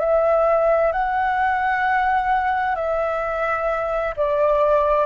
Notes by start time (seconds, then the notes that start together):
0.00 E5
0.92 F#5
2.76 E5
4.17 D5